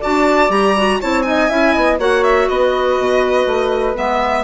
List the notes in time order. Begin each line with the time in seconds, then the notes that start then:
0.00 D4 F#4 D5 A5
0.49 G3 G4 A#5
0.77 F#4
1.00 C4 E4 C#5 A5
1.22 D#4 D#5 G#5
1.49 C#4 E4 E5
1.73 B3 D#5
1.98 A#3 F#4 C#5 F#5
2.23 E5
2.48 B3 B4 D#5
2.98 B2
3.46 A3
3.95 G#3 B3 E5